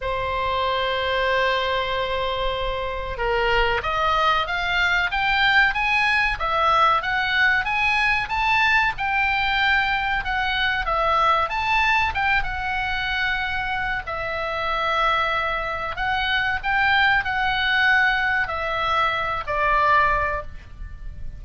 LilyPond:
\new Staff \with { instrumentName = "oboe" } { \time 4/4 \tempo 4 = 94 c''1~ | c''4 ais'4 dis''4 f''4 | g''4 gis''4 e''4 fis''4 | gis''4 a''4 g''2 |
fis''4 e''4 a''4 g''8 fis''8~ | fis''2 e''2~ | e''4 fis''4 g''4 fis''4~ | fis''4 e''4. d''4. | }